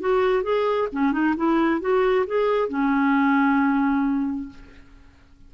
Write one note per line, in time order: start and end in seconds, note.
0.00 0.42 F#4
0.42 0.88 G#4
0.92 1.12 C#4
1.12 1.34 D#4
1.36 1.80 E4
1.80 2.25 F#4
2.26 2.68 G#4
2.68 4.49 C#4